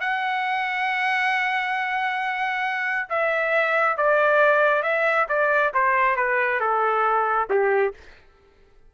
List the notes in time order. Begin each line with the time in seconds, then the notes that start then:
0.00 F#5
3.09 E5
3.97 D5
4.83 E5
5.29 D5
5.74 C5
6.16 B4
6.60 A4
7.50 G4